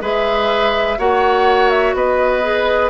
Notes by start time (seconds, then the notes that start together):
0.00 G#3 G#4 B4 E5
0.98 A#3 F#4 C#5 F#5
1.70 E5
1.93 B3 B4 D#5
2.42 G#4